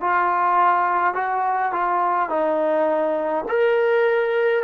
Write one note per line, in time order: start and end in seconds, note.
0.00 1.14 F4
1.14 1.72 F#4
1.72 2.29 F4
2.29 3.44 D#4
3.48 4.63 A#4